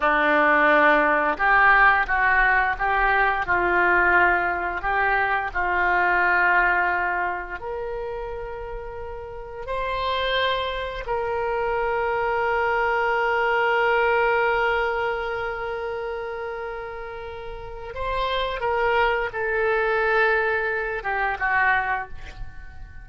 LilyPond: \new Staff \with { instrumentName = "oboe" } { \time 4/4 \tempo 4 = 87 d'2 g'4 fis'4 | g'4 f'2 g'4 | f'2. ais'4~ | ais'2 c''2 |
ais'1~ | ais'1~ | ais'2 c''4 ais'4 | a'2~ a'8 g'8 fis'4 | }